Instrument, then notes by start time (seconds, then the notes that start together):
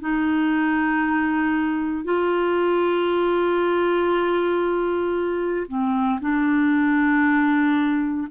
clarinet
0.00 D#4
2.04 F4
5.68 C4
6.21 D4